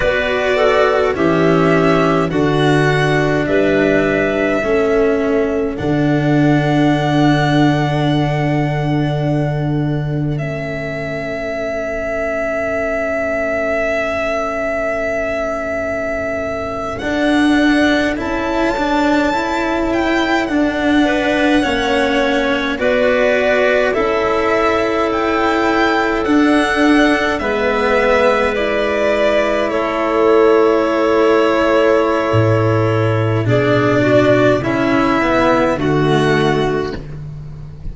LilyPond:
<<
  \new Staff \with { instrumentName = "violin" } { \time 4/4 \tempo 4 = 52 d''4 e''4 fis''4 e''4~ | e''4 fis''2.~ | fis''4 e''2.~ | e''2~ e''8. fis''4 a''16~ |
a''4~ a''16 g''8 fis''2 d''16~ | d''8. e''4 g''4 fis''4 e''16~ | e''8. d''4 cis''2~ cis''16~ | cis''4 d''4 e''4 fis''4 | }
  \new Staff \with { instrumentName = "clarinet" } { \time 4/4 b'8 a'8 g'4 fis'4 b'4 | a'1~ | a'1~ | a'1~ |
a'2~ a'16 b'8 cis''4 b'16~ | b'8. a'2. b'16~ | b'4.~ b'16 a'2~ a'16~ | a'4 gis'8 fis'8 e'4 fis'4 | }
  \new Staff \with { instrumentName = "cello" } { \time 4/4 fis'4 cis'4 d'2 | cis'4 d'2.~ | d'4 cis'2.~ | cis'2~ cis'8. d'4 e'16~ |
e'16 d'8 e'4 d'4 cis'4 fis'16~ | fis'8. e'2 d'4 b16~ | b8. e'2.~ e'16~ | e'4 d'4 cis'8 b8 a4 | }
  \new Staff \with { instrumentName = "tuba" } { \time 4/4 b4 e4 d4 g4 | a4 d2.~ | d4 a2.~ | a2~ a8. d'4 cis'16~ |
cis'4.~ cis'16 d'4 ais4 b16~ | b8. cis'2 d'4 gis16~ | gis4.~ gis16 a2~ a16 | a,4 b,4 cis4 d4 | }
>>